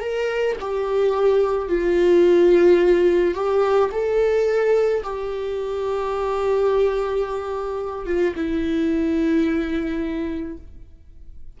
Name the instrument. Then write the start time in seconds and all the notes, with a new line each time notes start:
viola
0.00 A#4
0.60 G4
1.68 F4
3.34 G4
3.91 A4
5.03 G4
8.06 F4
8.35 E4